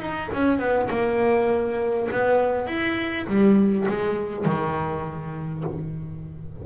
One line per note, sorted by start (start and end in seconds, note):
0.00 0.30 D#4
0.33 0.59 C#4
0.59 0.89 B3
0.90 2.09 A#3
2.12 2.67 B3
2.67 3.26 E4
3.27 3.86 G3
3.89 4.45 G#3
4.45 5.64 D#3